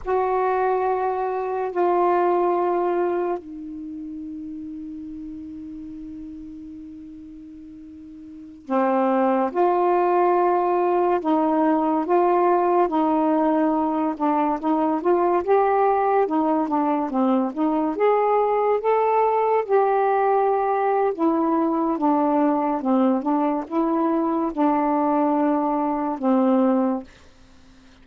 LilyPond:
\new Staff \with { instrumentName = "saxophone" } { \time 4/4 \tempo 4 = 71 fis'2 f'2 | dis'1~ | dis'2~ dis'16 c'4 f'8.~ | f'4~ f'16 dis'4 f'4 dis'8.~ |
dis'8. d'8 dis'8 f'8 g'4 dis'8 d'16~ | d'16 c'8 dis'8 gis'4 a'4 g'8.~ | g'4 e'4 d'4 c'8 d'8 | e'4 d'2 c'4 | }